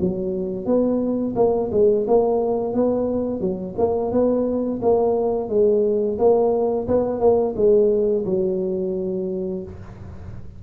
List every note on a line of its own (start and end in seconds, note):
0.00 0.66 F#3
0.66 1.34 B3
1.35 1.70 A#3
1.72 2.06 G#3
2.07 2.74 A#3
2.74 3.40 B3
3.40 3.75 F#3
3.78 4.12 A#3
4.12 4.81 B3
4.82 5.49 A#3
5.49 6.18 G#3
6.18 6.87 A#3
6.88 7.20 B3
7.20 7.55 A#3
7.56 8.25 G#3
8.25 9.63 F#3